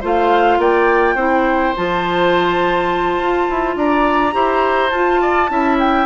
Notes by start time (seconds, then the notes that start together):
0.00 A3 F4 C5
0.06 F5
0.58 A#3 D5 G5
1.14 C4 E4 C5
1.76 F3 F4 A5
3.18 F4
3.50 E4
3.76 D4 D5 A#5
4.31 E4 G4 C5
4.89 F4 A5
5.21 D5
5.48 C#4 E4 E5
5.79 G5